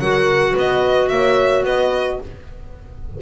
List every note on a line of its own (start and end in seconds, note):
0.00 0.55 F#3
0.00 2.22 F#4
0.00 0.52 A#4
0.00 0.55 F#5
0.52 1.11 B3
0.52 1.07 B4
0.59 1.08 D#5
1.08 1.64 A#3
1.08 1.65 C#5
1.08 1.63 E5
1.64 2.19 B3
1.64 2.20 B4
1.64 2.21 D#5